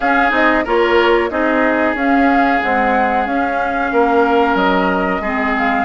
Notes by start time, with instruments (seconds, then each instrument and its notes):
0.00 bassoon C#4, clarinet C#4, oboe G#4, flute F5
0.30 bassoon C4, clarinet D#4, flute D#5
0.64 bassoon A#3, clarinet F4, oboe A#4, flute C#5
1.29 bassoon C4, clarinet D#4, oboe G#4, flute D#5
1.94 bassoon C#4, clarinet C#4, flute F5
2.62 clarinet G#3, bassoon C4, flute F#5
3.26 bassoon C#4, clarinet C#4, flute F5
3.91 bassoon A#3, oboe A#4
4.54 bassoon F#3, flute D#5
5.20 bassoon G#3, clarinet C4, oboe G#4
5.58 flute F5